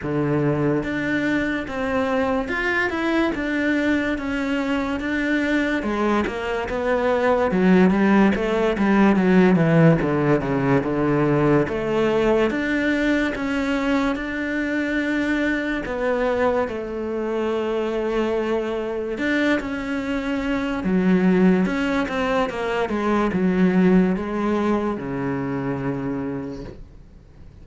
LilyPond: \new Staff \with { instrumentName = "cello" } { \time 4/4 \tempo 4 = 72 d4 d'4 c'4 f'8 e'8 | d'4 cis'4 d'4 gis8 ais8 | b4 fis8 g8 a8 g8 fis8 e8 | d8 cis8 d4 a4 d'4 |
cis'4 d'2 b4 | a2. d'8 cis'8~ | cis'4 fis4 cis'8 c'8 ais8 gis8 | fis4 gis4 cis2 | }